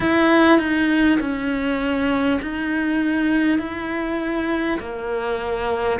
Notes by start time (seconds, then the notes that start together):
0.00 E4
0.58 D#4
1.20 C#4
2.41 D#4
3.58 E4
4.79 A#3